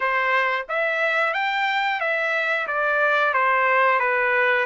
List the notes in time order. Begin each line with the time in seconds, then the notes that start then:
0.00 C5
0.68 E5
1.33 G5
2.00 E5
2.67 D5
3.33 C5
3.99 B4